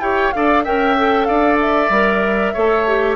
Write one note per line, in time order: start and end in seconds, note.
0.00 0.32 E4
0.00 0.33 G4
0.00 0.34 C#5
0.00 0.32 G5
0.32 0.67 D4
0.32 0.66 A4
0.32 0.64 D5
0.32 0.64 F5
0.64 1.29 C#4
0.64 0.97 A#4
0.64 1.28 E5
0.64 1.25 G5
0.98 1.92 A4
1.25 1.90 D4
1.25 2.54 D5
1.25 1.57 F5
1.61 3.16 E5
1.90 2.53 G3
1.90 2.56 A#4
2.54 3.16 A3
2.54 2.87 A4
2.54 3.16 C#5
2.88 3.16 G4